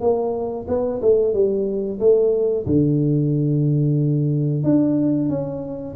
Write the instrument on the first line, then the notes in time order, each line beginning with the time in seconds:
tuba
0.00 A#3
0.67 B3
1.01 A3
1.33 G3
1.99 A3
2.66 D3
4.63 D4
5.29 C#4